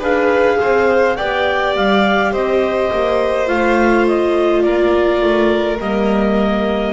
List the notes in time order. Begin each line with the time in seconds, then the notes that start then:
0.00 D4 G#4 B4 F5
0.61 C4 C5
1.16 B3 G4 D5 G5
1.76 G3 F5
2.32 C4 C5 D#5
2.93 A#3
3.47 A3 F4 F5
4.08 D#5
4.62 A#3 A#4 D5
5.22 A3
5.79 G3 A#3 D#5